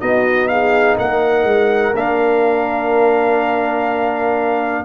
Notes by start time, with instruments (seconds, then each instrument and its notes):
0.00 tuba B3, trombone D#4, horn F#4, trumpet D#5
0.48 horn G#4, trumpet F5
0.97 tuba A#3, horn A#4, trumpet F#5
1.44 tuba G#3
1.94 tuba A#3, trombone D4, trumpet F5